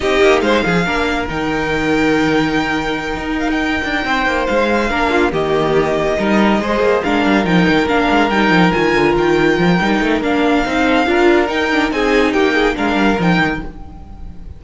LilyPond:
<<
  \new Staff \with { instrumentName = "violin" } { \time 4/4 \tempo 4 = 141 dis''4 f''2 g''4~ | g''1 | f''16 g''2~ g''16 f''4.~ | f''8 dis''2.~ dis''8~ |
dis''8 f''4 g''4 f''4 g''8~ | g''8 gis''4 g''2~ g''8 | f''2. g''4 | gis''4 g''4 f''4 g''4 | }
  \new Staff \with { instrumentName = "violin" } { \time 4/4 g'4 c''8 gis'8 ais'2~ | ais'1~ | ais'4. c''2 ais'8 | f'8 g'2 ais'4 c''8~ |
c''8 ais'2.~ ais'8~ | ais'1~ | ais'4. a'8 ais'2 | gis'4 g'8 gis'8 ais'2 | }
  \new Staff \with { instrumentName = "viola" } { \time 4/4 dis'2 d'4 dis'4~ | dis'1~ | dis'2.~ dis'8 d'8~ | d'8 ais2 dis'4 gis'8~ |
gis'8 d'4 dis'4 d'4 dis'8~ | dis'8 f'2~ f'8 dis'4 | d'4 dis'4 f'4 dis'8 d'8 | dis'2 d'4 dis'4 | }
  \new Staff \with { instrumentName = "cello" } { \time 4/4 c'8 ais8 gis8 f8 ais4 dis4~ | dis2.~ dis8 dis'8~ | dis'4 d'8 c'8 ais8 gis4 ais8~ | ais8 dis2 g4 gis8 |
ais8 gis8 g8 f8 dis8 ais8 gis8 g8 | f8 dis8 d8 dis4 f8 g8 a8 | ais4 c'4 d'4 dis'4 | c'4 ais4 gis8 g8 f8 dis8 | }
>>